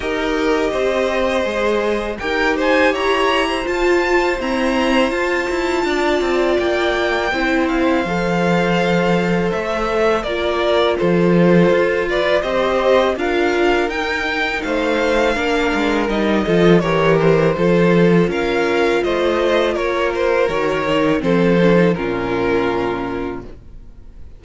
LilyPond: <<
  \new Staff \with { instrumentName = "violin" } { \time 4/4 \tempo 4 = 82 dis''2. g''8 gis''8 | ais''4 a''4 ais''4 a''4~ | a''4 g''4. f''4.~ | f''4 e''4 d''4 c''4~ |
c''8 d''8 dis''4 f''4 g''4 | f''2 dis''4 cis''8 c''8~ | c''4 f''4 dis''4 cis''8 c''8 | cis''4 c''4 ais'2 | }
  \new Staff \with { instrumentName = "violin" } { \time 4/4 ais'4 c''2 ais'8 c''8 | cis''8. c''2.~ c''16 | d''2 c''2~ | c''2 ais'4 a'4~ |
a'8 b'8 c''4 ais'2 | c''4 ais'4. a'8 ais'4 | a'4 ais'4 c''4 ais'4~ | ais'4 a'4 f'2 | }
  \new Staff \with { instrumentName = "viola" } { \time 4/4 g'2 gis'4 g'4~ | g'4 f'4 c'4 f'4~ | f'2 e'4 a'4~ | a'2 f'2~ |
f'4 g'4 f'4 dis'4~ | dis'4 d'4 dis'8 f'8 g'4 | f'1 | fis'8 dis'8 c'8 cis'16 dis'16 cis'2 | }
  \new Staff \with { instrumentName = "cello" } { \time 4/4 dis'4 c'4 gis4 dis'4 | e'4 f'4 e'4 f'8 e'8 | d'8 c'8 ais4 c'4 f4~ | f4 a4 ais4 f4 |
f'4 c'4 d'4 dis'4 | a4 ais8 gis8 g8 f8 e4 | f4 cis'4 a4 ais4 | dis4 f4 ais,2 | }
>>